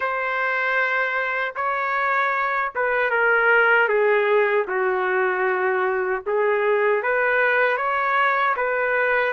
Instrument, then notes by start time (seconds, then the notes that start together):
trumpet
0.00 C5
1.55 C#5
2.75 B4
3.10 A#4
3.88 G#4
4.67 F#4
6.26 G#4
7.03 B4
7.77 C#5
8.56 B4